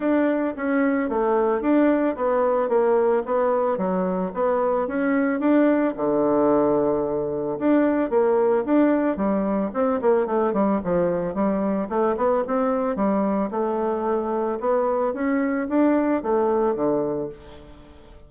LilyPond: \new Staff \with { instrumentName = "bassoon" } { \time 4/4 \tempo 4 = 111 d'4 cis'4 a4 d'4 | b4 ais4 b4 fis4 | b4 cis'4 d'4 d4~ | d2 d'4 ais4 |
d'4 g4 c'8 ais8 a8 g8 | f4 g4 a8 b8 c'4 | g4 a2 b4 | cis'4 d'4 a4 d4 | }